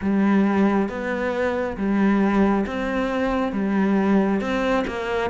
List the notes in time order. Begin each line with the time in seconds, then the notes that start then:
0.01 G3
0.88 B3
1.77 G3
2.66 C4
3.52 G3
4.40 C4
4.87 A#3